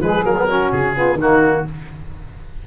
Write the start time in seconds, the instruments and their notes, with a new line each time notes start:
0.00 tuba F3, trombone G#3, saxophone G#4, oboe B4
0.23 tuba F#3, trombone A#3, oboe A#4
0.37 trombone B3
0.48 trombone C#4, saxophone F#4
0.71 tuba C#3, oboe G#4
0.94 trombone B3, saxophone F4
1.14 tuba D#3, trombone A#3, saxophone D#4
1.21 oboe F#4